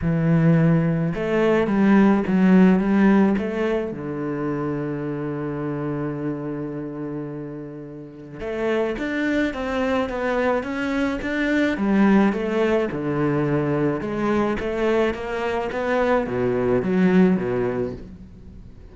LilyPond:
\new Staff \with { instrumentName = "cello" } { \time 4/4 \tempo 4 = 107 e2 a4 g4 | fis4 g4 a4 d4~ | d1~ | d2. a4 |
d'4 c'4 b4 cis'4 | d'4 g4 a4 d4~ | d4 gis4 a4 ais4 | b4 b,4 fis4 b,4 | }